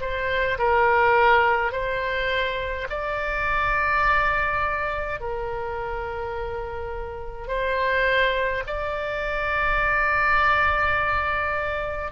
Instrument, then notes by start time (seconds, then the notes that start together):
oboe
0.00 C5
0.58 A#4
1.72 C5
2.89 D5
5.20 A#4
7.47 C5
8.66 D5